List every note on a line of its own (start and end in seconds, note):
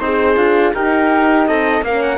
0.00 0.36 C4
0.00 0.37 D#4
0.00 0.74 G#4
0.00 0.73 C5
0.36 0.73 D4
0.36 0.73 F4
0.74 1.84 D#4
0.74 1.47 D#4
0.74 1.48 G4
0.74 1.47 A#4
1.47 1.81 C4
1.47 1.84 A4
1.47 1.84 D#5
1.81 2.18 A#3
1.81 2.18 A#4
1.81 2.02 F5
1.89 2.18 C#4
2.02 2.18 F#5